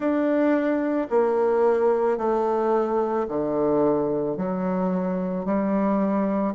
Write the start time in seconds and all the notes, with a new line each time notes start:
0.00 D4
1.10 A#3
2.17 A3
3.28 D3
4.36 F#3
5.45 G3